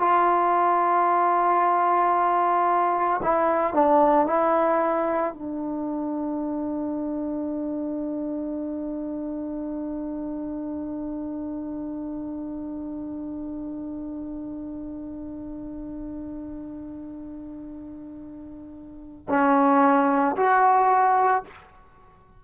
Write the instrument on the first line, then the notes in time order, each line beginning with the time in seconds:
trombone
0.00 F4
3.23 E4
3.74 D4
4.27 E4
5.34 D4
19.29 C#4
20.37 F#4